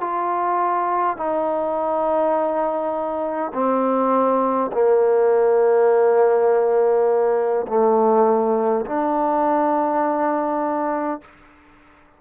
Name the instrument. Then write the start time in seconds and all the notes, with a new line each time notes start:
trombone
0.00 F4
1.16 D#4
3.53 C4
4.72 A#3
7.67 A3
8.86 D4